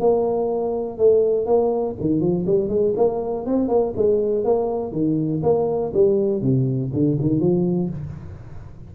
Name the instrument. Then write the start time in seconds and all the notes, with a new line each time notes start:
tuba
0.00 A#3
0.98 A3
1.46 A#3
2.01 D#3
2.20 F3
2.46 G3
2.69 G#3
2.96 A#3
3.46 C4
3.68 A#3
3.96 G#3
4.44 A#3
4.92 D#3
5.43 A#3
5.93 G3
6.41 C3
6.93 D3
7.21 D#3
7.40 F3